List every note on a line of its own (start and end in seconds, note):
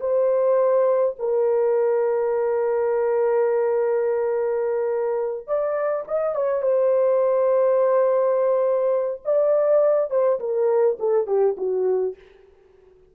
0.00 1.15 C5
1.19 5.48 A#4
5.48 6.05 D5
6.08 6.36 D#5
6.36 6.62 C#5
6.62 9.22 C5
9.25 10.11 D5
10.11 10.40 C5
10.40 10.98 A#4
11.00 11.27 A4
11.27 11.56 G4
11.58 12.15 F#4